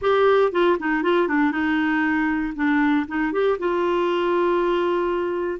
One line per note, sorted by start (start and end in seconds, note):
0.01 0.52 G4
0.52 0.77 F4
0.79 1.03 D#4
1.03 1.28 F4
1.28 1.51 D4
1.51 2.53 D#4
2.55 3.06 D4
3.07 3.32 D#4
3.32 3.58 G4
3.58 5.59 F4